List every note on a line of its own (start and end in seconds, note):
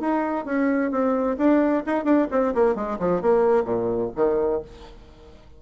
0.00 0.45 D#4
0.45 0.91 C#4
0.91 1.37 C4
1.37 1.83 D4
1.86 2.04 D#4
2.04 2.27 D4
2.31 2.54 C4
2.54 2.75 A#3
2.75 2.98 G#3
2.99 3.21 F3
3.21 3.64 A#3
3.64 4.10 A#2
4.16 4.61 D#3